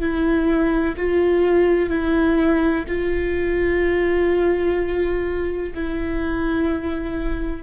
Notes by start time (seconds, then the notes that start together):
0.00 E4
0.96 F4
1.89 E4
2.87 F4
5.74 E4